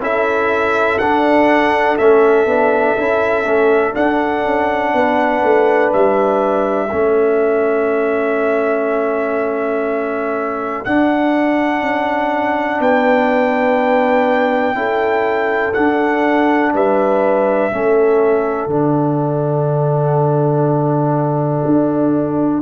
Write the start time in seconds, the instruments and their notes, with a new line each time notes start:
0.00 tuba C#4, trombone E4, horn A4, trumpet E5
0.99 tuba D4, trombone D4, trumpet F#5
1.98 tuba A3, trombone C#4, trumpet E5
2.46 tuba B3, trombone D4
2.97 tuba C#4, trombone E4
3.45 tuba A3, trombone C#4
3.94 trombone D4, tuba D4, trumpet F#5
4.45 tuba C#4
4.94 tuba B3, horn B4
5.43 tuba A3
5.93 tuba G3, trumpet E5
6.89 tuba A3, trombone C#4, horn A4
10.85 trombone D4, tuba D4, trumpet F#5
11.82 tuba C#4
12.80 tuba B3, horn B4, trumpet G5
14.74 tuba C#4, trombone E4, horn A4
15.74 trombone D4, tuba D4, trumpet F#5
16.74 tuba G3, horn B4, trumpet E5
17.72 tuba A3, trombone C#4, horn A4
18.67 tuba D3, trombone D4, trumpet F#5
21.66 tuba D4